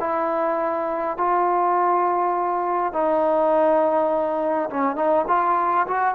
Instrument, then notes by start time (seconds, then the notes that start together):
trombone
0.00 E4
1.18 F4
2.94 D#4
4.70 C#4
4.96 D#4
5.28 F4
5.88 F#4